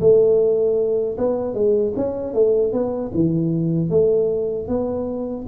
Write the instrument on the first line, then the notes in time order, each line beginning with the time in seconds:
tuba
0.00 A3
1.18 B3
1.54 G#3
1.96 C#4
2.34 A3
2.72 B3
3.14 E3
3.90 A3
4.68 B3